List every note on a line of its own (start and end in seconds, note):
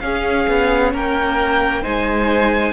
0.00 0.46 C#4
0.00 1.83 C#4
0.00 0.93 G#4
0.00 0.91 F5
0.48 0.94 B3
0.93 1.85 A#3
0.93 1.82 A#4
0.93 1.84 G5
1.82 2.73 G#3
1.82 2.73 D#4
1.82 2.73 C5
1.82 2.73 G#5